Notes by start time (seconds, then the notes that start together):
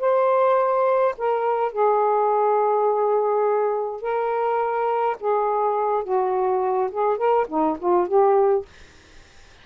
0.00 C5
1.18 A#4
1.72 G#4
4.01 A#4
5.20 G#4
6.04 F#4
6.92 G#4
7.18 A#4
7.48 D#4
7.79 F4
8.08 G4